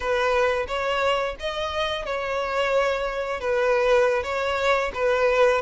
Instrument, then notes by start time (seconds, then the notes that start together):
violin
0.00 B4
0.67 C#5
1.39 D#5
2.05 C#5
3.40 B4
4.23 C#5
4.93 B4